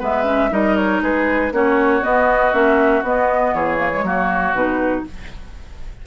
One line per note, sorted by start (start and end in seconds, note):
0.00 0.52 G#3
0.00 0.24 B3
0.00 0.50 B4
0.00 0.54 E5
0.24 0.49 C#4
0.51 1.02 G3
0.51 1.52 D#4
0.51 1.03 A#4
0.51 0.76 D#5
0.76 1.01 C#5
1.02 1.52 G#3
1.02 1.53 G#4
1.02 1.53 B4
1.52 2.02 A#3
1.52 2.02 C#4
1.52 3.55 F#4
1.52 2.03 C#5
2.02 2.52 B3
2.02 2.53 B3
2.02 2.54 D#5
2.53 3.03 A#3
2.53 3.03 C#4
2.53 3.04 E5
3.03 3.53 B3
3.03 3.78 B3
3.03 3.55 D#5
3.54 4.03 E3
3.54 4.05 G#4
3.54 4.55 C#5
3.78 3.90 A#3
3.93 4.06 G#3
4.03 4.53 F#3
4.03 4.56 A#3
4.03 5.07 F#4
4.53 5.03 B2
4.53 5.06 D#4
4.53 5.05 B4